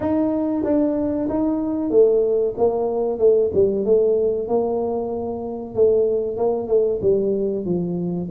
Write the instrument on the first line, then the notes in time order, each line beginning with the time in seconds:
tuba
0.00 D#4
0.64 D4
1.29 D#4
1.90 A3
2.57 A#3
3.18 A3
3.54 G3
3.85 A3
4.47 A#3
5.74 A3
6.37 A#3
6.67 A3
7.01 G3
7.65 F3